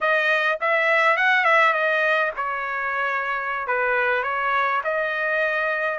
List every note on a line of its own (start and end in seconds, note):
0.00 0.59 D#5
0.60 1.17 E5
1.17 1.44 F#5
1.44 1.73 E5
1.73 2.31 D#5
2.36 3.67 C#5
3.67 4.23 B4
4.23 4.81 C#5
4.83 5.98 D#5